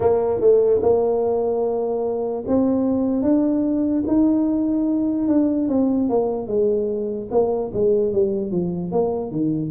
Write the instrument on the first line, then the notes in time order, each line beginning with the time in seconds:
tuba
0.00 A#3
0.40 A3
0.81 A#3
2.47 C4
3.22 D4
4.07 D#4
5.27 D4
5.68 C4
6.08 A#3
6.47 G#3
7.30 A#3
7.73 G#3
8.12 G3
8.51 F3
8.91 A#3
9.31 D#3